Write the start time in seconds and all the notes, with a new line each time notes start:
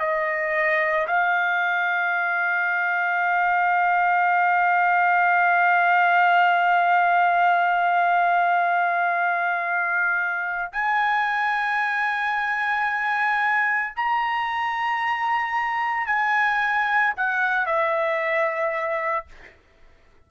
0.00 D#5
1.08 F5
10.72 G#5
13.96 A#5
16.07 G#5
17.16 F#5
17.66 E5